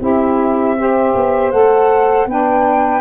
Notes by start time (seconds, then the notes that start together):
0.00 C4 E4 G4 E5
0.78 G4 C5
1.15 B3
1.52 A3 A4 F#5
2.26 B3 D4 B4 G5